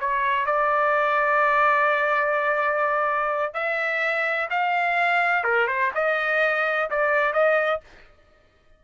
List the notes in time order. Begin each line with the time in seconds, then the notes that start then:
0.00 C#5
0.45 D5
3.53 E5
4.50 F5
5.44 A#4
5.67 C5
5.94 D#5
6.90 D5
7.32 D#5